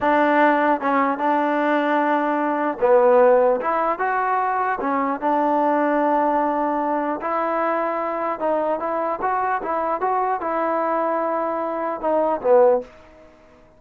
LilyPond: \new Staff \with { instrumentName = "trombone" } { \time 4/4 \tempo 4 = 150 d'2 cis'4 d'4~ | d'2. b4~ | b4 e'4 fis'2 | cis'4 d'2.~ |
d'2 e'2~ | e'4 dis'4 e'4 fis'4 | e'4 fis'4 e'2~ | e'2 dis'4 b4 | }